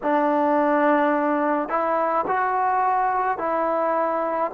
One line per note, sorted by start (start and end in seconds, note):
0.02 1.68 D4
1.68 2.25 E4
2.27 3.38 F#4
3.38 4.51 E4